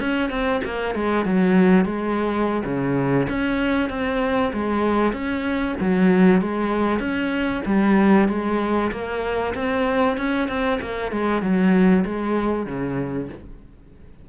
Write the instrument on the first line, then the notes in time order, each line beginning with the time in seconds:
cello
0.00 C#4
0.30 C4
0.64 A#3
0.95 G#3
1.25 F#3
1.85 G#3
2.64 C#3
3.29 C#4
3.89 C4
4.53 G#3
5.13 C#4
5.80 F#3
6.41 G#3
6.99 C#4
7.66 G3
8.28 G#3
8.91 A#3
9.55 C4
10.17 C#4
10.48 C4
10.81 A#3
11.12 G#3
11.42 F#3
12.05 G#3
12.66 C#3